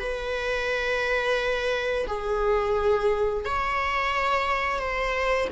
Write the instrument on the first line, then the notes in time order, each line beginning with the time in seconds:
viola
0.00 B4
2.07 G#4
3.45 C#5
4.79 C5